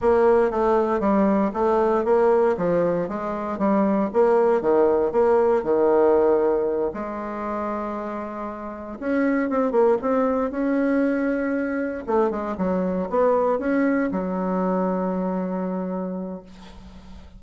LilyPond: \new Staff \with { instrumentName = "bassoon" } { \time 4/4 \tempo 4 = 117 ais4 a4 g4 a4 | ais4 f4 gis4 g4 | ais4 dis4 ais4 dis4~ | dis4. gis2~ gis8~ |
gis4. cis'4 c'8 ais8 c'8~ | c'8 cis'2. a8 | gis8 fis4 b4 cis'4 fis8~ | fis1 | }